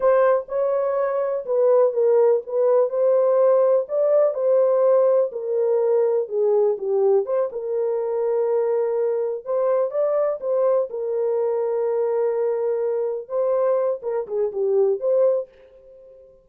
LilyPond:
\new Staff \with { instrumentName = "horn" } { \time 4/4 \tempo 4 = 124 c''4 cis''2 b'4 | ais'4 b'4 c''2 | d''4 c''2 ais'4~ | ais'4 gis'4 g'4 c''8 ais'8~ |
ais'2.~ ais'8 c''8~ | c''8 d''4 c''4 ais'4.~ | ais'2.~ ais'8 c''8~ | c''4 ais'8 gis'8 g'4 c''4 | }